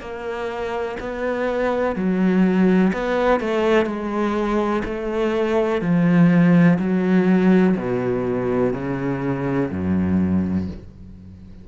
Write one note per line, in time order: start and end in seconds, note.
0.00 0.97 A#3
0.99 1.95 B3
1.95 2.92 F#3
2.93 3.40 B3
3.40 3.86 A3
3.86 4.83 G#3
4.84 5.81 A3
5.81 6.78 F3
6.79 7.76 F#3
7.76 8.73 B2
8.73 9.70 C#3
9.71 10.68 F#2